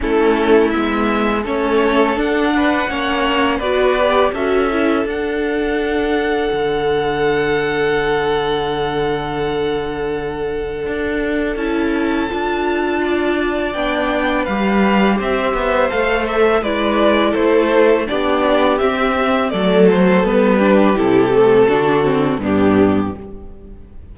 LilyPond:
<<
  \new Staff \with { instrumentName = "violin" } { \time 4/4 \tempo 4 = 83 a'4 e''4 cis''4 fis''4~ | fis''4 d''4 e''4 fis''4~ | fis''1~ | fis''1 |
a''2. g''4 | f''4 e''4 f''8 e''8 d''4 | c''4 d''4 e''4 d''8 c''8 | b'4 a'2 g'4 | }
  \new Staff \with { instrumentName = "violin" } { \time 4/4 e'2 a'4. b'8 | cis''4 b'4 a'2~ | a'1~ | a'1~ |
a'2 d''2 | b'4 c''2 b'4 | a'4 g'2 a'4~ | a'8 g'4. fis'4 d'4 | }
  \new Staff \with { instrumentName = "viola" } { \time 4/4 cis'4 b4 cis'4 d'4 | cis'4 fis'8 g'8 fis'8 e'8 d'4~ | d'1~ | d'1 |
e'4 f'2 d'4 | g'2 a'4 e'4~ | e'4 d'4 c'4 a4 | b8 d'8 e'8 a8 d'8 c'8 b4 | }
  \new Staff \with { instrumentName = "cello" } { \time 4/4 a4 gis4 a4 d'4 | ais4 b4 cis'4 d'4~ | d'4 d2.~ | d2. d'4 |
cis'4 d'2 b4 | g4 c'8 b8 a4 gis4 | a4 b4 c'4 fis4 | g4 c4 d4 g,4 | }
>>